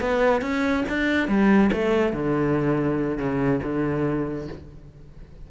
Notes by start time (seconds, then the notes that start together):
0.00 B3
0.41 C#4
0.88 D4
1.28 G3
1.72 A3
2.12 D3
3.18 C#3
3.62 D3